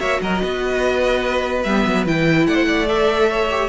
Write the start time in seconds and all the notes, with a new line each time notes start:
0.00 A#3 F#4 C#5 E5
0.21 F#3 A#4 D#5
0.42 B3 B4
1.63 G3 B3 E5
1.86 F#3
2.07 E3 E4 G5
2.47 A3 D5 F#5
2.55 C5
2.68 D5
2.87 A4 E5
3.30 C#5
3.50 G4